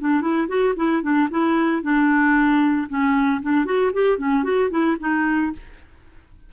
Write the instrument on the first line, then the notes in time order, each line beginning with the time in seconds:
clarinet
0.00 D4
0.21 E4
0.48 F#4
0.76 E4
1.02 D4
1.30 E4
1.83 D4
2.89 C#4
3.42 D4
3.65 F#4
3.94 G4
4.18 C#4
4.44 F#4
4.71 E4
5.00 D#4